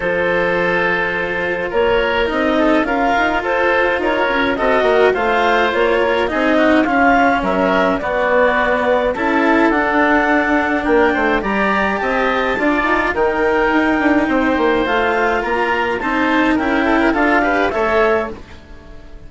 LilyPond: <<
  \new Staff \with { instrumentName = "clarinet" } { \time 4/4 \tempo 4 = 105 c''2. cis''4 | dis''4 f''4 c''4 cis''4 | dis''4 f''4 cis''4 dis''4 | f''4 e''4 d''2 |
a''4 fis''2 g''4 | ais''4 a''2 g''4~ | g''2 f''4 ais''4 | a''4 g''4 f''4 e''4 | }
  \new Staff \with { instrumentName = "oboe" } { \time 4/4 a'2. ais'4~ | ais'8 a'8 ais'4 a'4 ais'4 | a'8 ais'8 c''4. ais'8 gis'8 fis'8 | f'4 ais'4 fis'2 |
a'2. ais'8 c''8 | d''4 dis''4 d''4 ais'4~ | ais'4 c''2 ais'4 | c''4 ais'8 a'16 ais'16 a'8 b'8 cis''4 | }
  \new Staff \with { instrumentName = "cello" } { \time 4/4 f'1 | dis'4 f'2. | fis'4 f'2 dis'4 | cis'2 b2 |
e'4 d'2. | g'2 f'4 dis'4~ | dis'2 f'2 | dis'4 e'4 f'8 g'8 a'4 | }
  \new Staff \with { instrumentName = "bassoon" } { \time 4/4 f2. ais4 | c'4 cis'8 dis'8 f'4 dis'8 cis'8 | c'8 ais8 a4 ais4 c'4 | cis'4 fis4 b2 |
cis'4 d'2 ais8 a8 | g4 c'4 d'8 dis'8 dis4 | dis'8 d'8 c'8 ais8 a4 ais4 | c'4 cis'4 d'4 a4 | }
>>